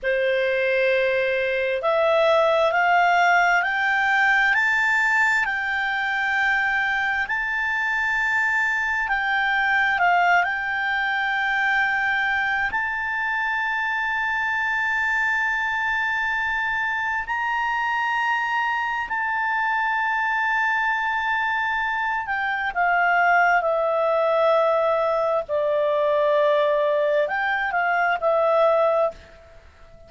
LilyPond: \new Staff \with { instrumentName = "clarinet" } { \time 4/4 \tempo 4 = 66 c''2 e''4 f''4 | g''4 a''4 g''2 | a''2 g''4 f''8 g''8~ | g''2 a''2~ |
a''2. ais''4~ | ais''4 a''2.~ | a''8 g''8 f''4 e''2 | d''2 g''8 f''8 e''4 | }